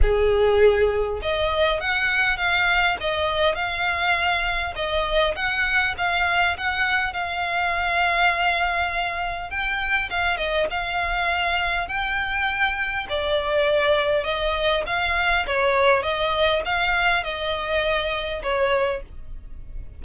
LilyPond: \new Staff \with { instrumentName = "violin" } { \time 4/4 \tempo 4 = 101 gis'2 dis''4 fis''4 | f''4 dis''4 f''2 | dis''4 fis''4 f''4 fis''4 | f''1 |
g''4 f''8 dis''8 f''2 | g''2 d''2 | dis''4 f''4 cis''4 dis''4 | f''4 dis''2 cis''4 | }